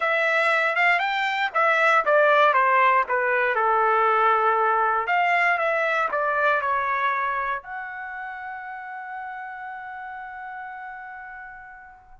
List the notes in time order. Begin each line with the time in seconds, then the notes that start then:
0.00 E5
0.75 F5
0.99 G5
1.54 E5
2.05 D5
2.53 C5
3.08 B4
3.55 A4
5.07 F5
5.58 E5
6.11 D5
6.61 C#5
7.62 F#5